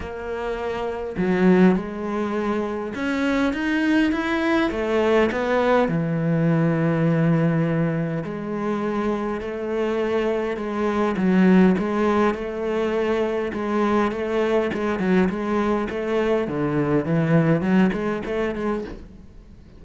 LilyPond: \new Staff \with { instrumentName = "cello" } { \time 4/4 \tempo 4 = 102 ais2 fis4 gis4~ | gis4 cis'4 dis'4 e'4 | a4 b4 e2~ | e2 gis2 |
a2 gis4 fis4 | gis4 a2 gis4 | a4 gis8 fis8 gis4 a4 | d4 e4 fis8 gis8 a8 gis8 | }